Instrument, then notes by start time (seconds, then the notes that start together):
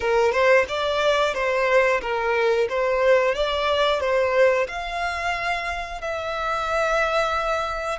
violin
0.00 A#4
0.32 C5
0.68 D5
1.34 C5
2.01 A#4
2.68 C5
3.34 D5
4.00 C5
4.68 F5
6.01 E5